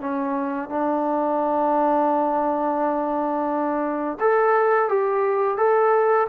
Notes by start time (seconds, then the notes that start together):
0.00 C#4
0.69 D4
4.21 A4
4.89 G4
5.58 A4